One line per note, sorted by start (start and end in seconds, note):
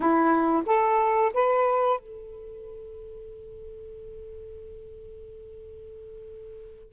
0.00 0.63 E4
0.66 1.32 A4
1.33 1.99 B4
1.99 6.93 A4